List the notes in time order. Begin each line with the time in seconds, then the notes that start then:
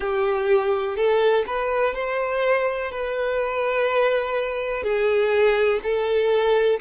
0.00 G4
0.96 A4
1.46 B4
1.94 C5
2.91 B4
4.83 G#4
5.83 A4